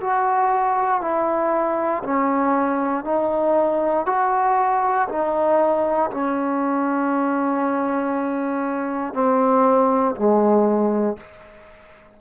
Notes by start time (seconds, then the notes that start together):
0.00 F#4
1.01 E4
2.03 C#4
3.05 D#4
4.06 F#4
5.08 D#4
6.11 C#4
9.13 C4
10.16 G#3